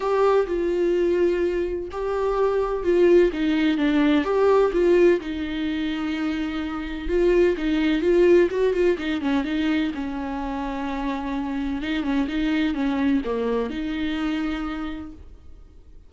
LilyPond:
\new Staff \with { instrumentName = "viola" } { \time 4/4 \tempo 4 = 127 g'4 f'2. | g'2 f'4 dis'4 | d'4 g'4 f'4 dis'4~ | dis'2. f'4 |
dis'4 f'4 fis'8 f'8 dis'8 cis'8 | dis'4 cis'2.~ | cis'4 dis'8 cis'8 dis'4 cis'4 | ais4 dis'2. | }